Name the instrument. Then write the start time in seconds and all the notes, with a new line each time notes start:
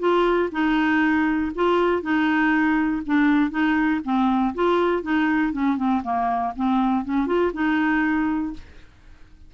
clarinet
0.00 F4
0.52 D#4
1.55 F4
2.03 D#4
3.06 D4
3.51 D#4
4.05 C4
4.55 F4
5.03 D#4
5.53 C#4
5.77 C4
6.04 A#3
6.57 C4
7.05 C#4
7.27 F4
7.54 D#4